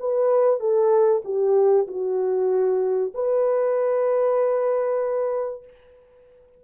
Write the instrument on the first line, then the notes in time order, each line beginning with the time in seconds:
horn
0.00 B4
0.60 A4
1.25 G4
1.88 F#4
3.14 B4